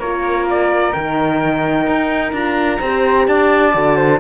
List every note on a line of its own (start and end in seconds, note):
0.00 0.93 A#3
0.00 0.95 F4
0.00 2.80 A#4
0.00 0.47 C#5
0.50 0.93 D5
0.93 1.87 D#3
0.93 2.34 D#4
0.93 2.33 G5
1.87 2.33 D#4
2.33 2.79 D4
2.33 2.81 F4
2.33 3.28 A#5
2.80 3.28 C4
2.80 3.74 G4
2.80 3.27 C5
3.28 3.75 D4
3.28 3.97 D5
3.28 4.20 A5
3.74 4.20 D3
3.74 4.20 F#4
3.97 4.20 C5